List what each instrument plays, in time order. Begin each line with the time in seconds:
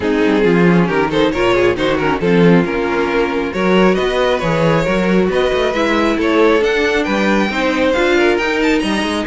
0.00 cello G#3, viola C4, violin D#4 G#4
0.25 cello G3
0.43 cello F3, violin F4
0.64 viola C#4
0.86 cello D#3, violin G4 A#4
1.10 viola D#4, violin A4 C5
1.31 cello A#2, viola F4, violin A#4 C#5
1.55 violin G#4
1.76 cello D#3, viola D#4, violin F#4 C5
1.97 viola C#4, violin A#4
2.20 cello F3, viola C4, violin F4 A4
2.64 cello A#3, viola C#4, violin A#4
3.52 cello F#3, viola F#4, violin A#4 C#5
3.94 cello B3, violin B4 D#5
4.39 cello E3, viola G#4, violin C#5
4.83 cello F#3, viola F#4, violin A#4
5.28 cello B3, violin B4 D#5
5.53 cello A3
5.73 cello G#3, viola E4, violin E5
6.17 cello A3, violin A4 C#5
6.60 viola D4, cello D4, violin F#5
7.03 cello G3, violin B4 G5
7.49 cello C4, viola D#4, violin C5
7.93 cello D4, viola F4, violin F5
8.17 violin A#4
8.38 cello D#4, viola D#4, violin G5
8.62 violin A5
8.79 cello G3, violin D#5 A#5
9.02 cello G#3